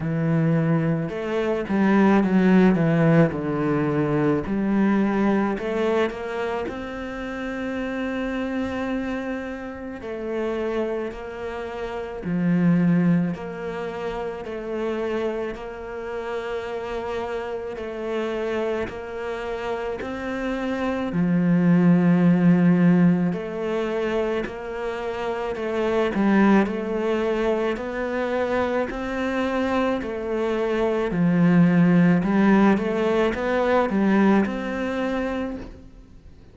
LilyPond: \new Staff \with { instrumentName = "cello" } { \time 4/4 \tempo 4 = 54 e4 a8 g8 fis8 e8 d4 | g4 a8 ais8 c'2~ | c'4 a4 ais4 f4 | ais4 a4 ais2 |
a4 ais4 c'4 f4~ | f4 a4 ais4 a8 g8 | a4 b4 c'4 a4 | f4 g8 a8 b8 g8 c'4 | }